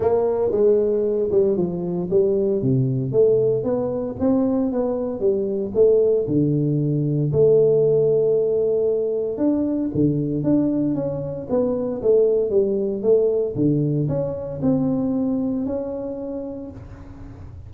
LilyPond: \new Staff \with { instrumentName = "tuba" } { \time 4/4 \tempo 4 = 115 ais4 gis4. g8 f4 | g4 c4 a4 b4 | c'4 b4 g4 a4 | d2 a2~ |
a2 d'4 d4 | d'4 cis'4 b4 a4 | g4 a4 d4 cis'4 | c'2 cis'2 | }